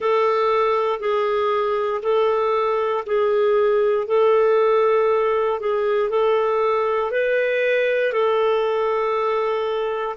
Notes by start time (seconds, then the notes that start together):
0.00 A4
0.99 G#4
2.02 A4
3.06 G#4
4.07 A4
5.60 G#4
6.09 A4
7.11 B4
8.12 A4